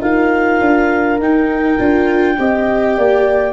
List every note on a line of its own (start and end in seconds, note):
0.00 0.60 D#4
0.00 1.18 F4
0.00 2.37 A#4
0.00 1.19 F5
0.60 1.18 D4
1.18 1.77 D#4
1.18 1.78 D#4
1.18 3.52 G5
1.78 2.37 D4
1.78 2.37 F4
2.38 2.97 C4
2.38 3.52 G4
2.38 2.97 D#5
2.97 3.52 A#3
2.97 3.52 D5